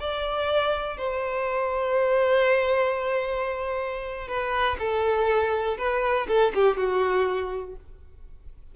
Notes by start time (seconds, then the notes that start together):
0.00 D5
0.98 C5
4.28 B4
4.79 A4
5.78 B4
6.28 A4
6.55 G4
6.77 F#4